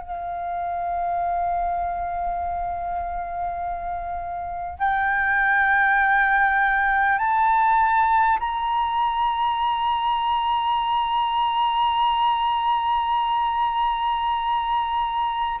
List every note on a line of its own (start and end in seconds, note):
0.00 4.78 F5
4.78 7.18 G5
7.18 8.38 A5
8.39 15.59 A#5